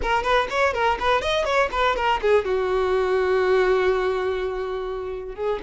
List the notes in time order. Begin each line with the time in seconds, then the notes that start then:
0.02 A#4
0.23 B4
0.50 C#5
0.73 A#4
0.99 B4
1.21 D#5
1.45 C#5
1.71 B4
1.96 A#4
2.21 G#4
2.44 F#4
5.35 G#4